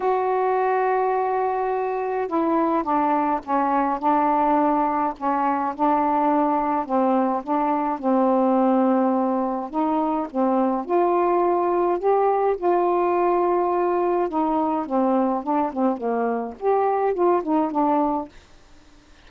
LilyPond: \new Staff \with { instrumentName = "saxophone" } { \time 4/4 \tempo 4 = 105 fis'1 | e'4 d'4 cis'4 d'4~ | d'4 cis'4 d'2 | c'4 d'4 c'2~ |
c'4 dis'4 c'4 f'4~ | f'4 g'4 f'2~ | f'4 dis'4 c'4 d'8 c'8 | ais4 g'4 f'8 dis'8 d'4 | }